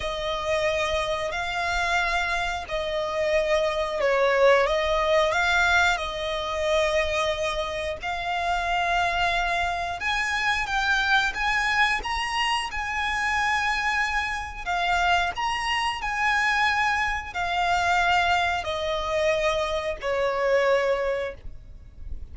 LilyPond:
\new Staff \with { instrumentName = "violin" } { \time 4/4 \tempo 4 = 90 dis''2 f''2 | dis''2 cis''4 dis''4 | f''4 dis''2. | f''2. gis''4 |
g''4 gis''4 ais''4 gis''4~ | gis''2 f''4 ais''4 | gis''2 f''2 | dis''2 cis''2 | }